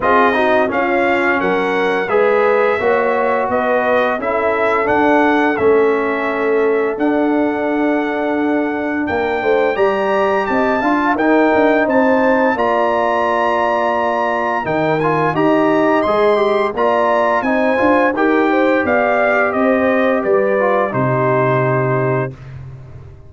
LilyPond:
<<
  \new Staff \with { instrumentName = "trumpet" } { \time 4/4 \tempo 4 = 86 dis''4 f''4 fis''4 e''4~ | e''4 dis''4 e''4 fis''4 | e''2 fis''2~ | fis''4 g''4 ais''4 a''4 |
g''4 a''4 ais''2~ | ais''4 g''8 gis''8 ais''4 c'''4 | ais''4 gis''4 g''4 f''4 | dis''4 d''4 c''2 | }
  \new Staff \with { instrumentName = "horn" } { \time 4/4 gis'8 fis'8 f'4 ais'4 b'4 | cis''4 b'4 a'2~ | a'1~ | a'4 ais'8 c''8 d''4 dis''8 f''8 |
ais'4 c''4 d''2~ | d''4 ais'4 dis''2 | d''4 c''4 ais'8 c''8 d''4 | c''4 b'4 g'2 | }
  \new Staff \with { instrumentName = "trombone" } { \time 4/4 f'8 dis'8 cis'2 gis'4 | fis'2 e'4 d'4 | cis'2 d'2~ | d'2 g'4. f'8 |
dis'2 f'2~ | f'4 dis'8 f'8 g'4 gis'8 g'8 | f'4 dis'8 f'8 g'2~ | g'4. f'8 dis'2 | }
  \new Staff \with { instrumentName = "tuba" } { \time 4/4 c'4 cis'4 fis4 gis4 | ais4 b4 cis'4 d'4 | a2 d'2~ | d'4 ais8 a8 g4 c'8 d'8 |
dis'8 d'8 c'4 ais2~ | ais4 dis4 dis'4 gis4 | ais4 c'8 d'8 dis'4 b4 | c'4 g4 c2 | }
>>